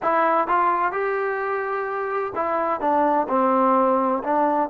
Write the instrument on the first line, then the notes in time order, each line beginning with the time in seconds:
trombone
0.02 E4
0.47 F4
0.92 G4
2.35 E4
2.80 D4
3.29 C4
4.23 D4